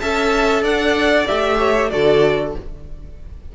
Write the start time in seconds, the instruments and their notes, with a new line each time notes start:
0.00 cello C#4, viola A4, violin E5 A5
0.63 cello D4, violin D5 F#5
1.28 cello A3, viola G4, violin E5
1.58 violin C#5
1.90 cello D3, viola F#4, violin A4 D5